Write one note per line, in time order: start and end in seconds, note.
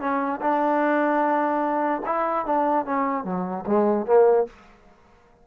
0.00 0.40 C#4
0.41 2.02 D4
2.06 2.46 E4
2.46 2.86 D4
2.86 3.25 C#4
3.25 3.65 F#3
3.67 4.07 G#3
4.07 4.47 A#3